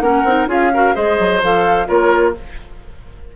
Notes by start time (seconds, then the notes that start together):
0.00 A#3 C#4 A#4 F#5
0.24 C4 D#4
0.46 C#4 F4 G#4 F5
0.74 F#4 A#4
0.94 G#3 G#4 C5 D#5
1.19 F#3
1.42 F3 A4 F5
1.86 A#3 F4 A#4 C#5